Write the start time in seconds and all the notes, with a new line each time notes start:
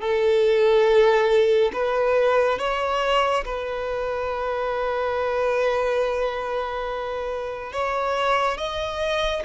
0.00 A4
1.73 B4
2.58 C#5
3.44 B4
7.72 C#5
8.57 D#5